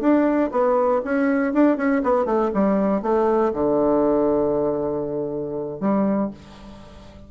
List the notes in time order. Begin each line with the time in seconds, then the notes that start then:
0.00 D4
0.51 B3
1.04 C#4
1.53 D4
1.77 C#4
2.03 B3
2.25 A3
2.54 G3
3.02 A3
3.53 D3
5.80 G3